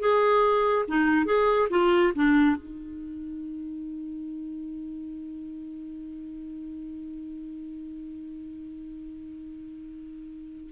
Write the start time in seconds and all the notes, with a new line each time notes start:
0.00 G#4
0.88 D#4
1.26 G#4
1.70 F4
2.15 D4
2.56 D#4